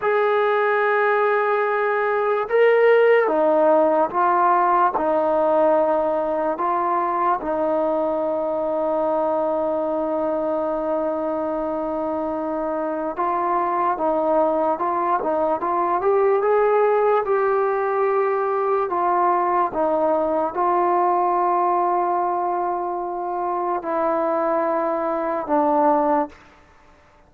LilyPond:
\new Staff \with { instrumentName = "trombone" } { \time 4/4 \tempo 4 = 73 gis'2. ais'4 | dis'4 f'4 dis'2 | f'4 dis'2.~ | dis'1 |
f'4 dis'4 f'8 dis'8 f'8 g'8 | gis'4 g'2 f'4 | dis'4 f'2.~ | f'4 e'2 d'4 | }